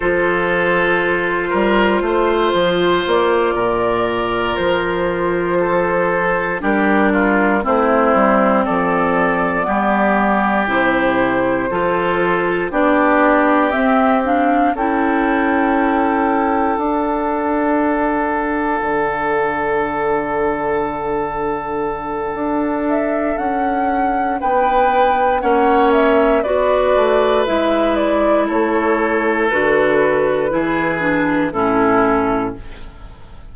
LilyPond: <<
  \new Staff \with { instrumentName = "flute" } { \time 4/4 \tempo 4 = 59 c''2. d''4~ | d''8 c''2 ais'4 c''8~ | c''8 d''2 c''4.~ | c''8 d''4 e''8 f''8 g''4.~ |
g''8 fis''2.~ fis''8~ | fis''2~ fis''8 e''8 fis''4 | g''4 fis''8 e''8 d''4 e''8 d''8 | cis''4 b'2 a'4 | }
  \new Staff \with { instrumentName = "oboe" } { \time 4/4 a'4. ais'8 c''4. ais'8~ | ais'4. a'4 g'8 f'8 e'8~ | e'8 a'4 g'2 a'8~ | a'8 g'2 a'4.~ |
a'1~ | a'1 | b'4 cis''4 b'2 | a'2 gis'4 e'4 | }
  \new Staff \with { instrumentName = "clarinet" } { \time 4/4 f'1~ | f'2~ f'8 d'4 c'8~ | c'4. b4 e'4 f'8~ | f'8 d'4 c'8 d'8 e'4.~ |
e'8 d'2.~ d'8~ | d'1~ | d'4 cis'4 fis'4 e'4~ | e'4 fis'4 e'8 d'8 cis'4 | }
  \new Staff \with { instrumentName = "bassoon" } { \time 4/4 f4. g8 a8 f8 ais8 ais,8~ | ais,8 f2 g4 a8 | g8 f4 g4 c4 f8~ | f8 b4 c'4 cis'4.~ |
cis'8 d'2 d4.~ | d2 d'4 cis'4 | b4 ais4 b8 a8 gis4 | a4 d4 e4 a,4 | }
>>